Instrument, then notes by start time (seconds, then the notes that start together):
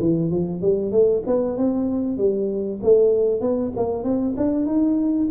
tuba
0.00 E3
0.31 F3
0.62 G3
0.91 A3
1.26 B3
1.57 C4
2.18 G3
2.83 A3
3.41 B3
3.76 A#3
4.03 C4
4.37 D4
4.66 D#4